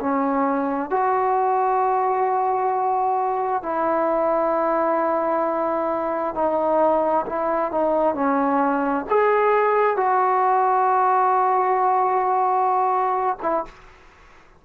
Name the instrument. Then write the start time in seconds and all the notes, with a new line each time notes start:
trombone
0.00 C#4
0.90 F#4
3.62 E4
6.35 D#4
7.26 E4
7.71 D#4
8.14 C#4
9.10 G#4
9.96 F#4
13.42 E4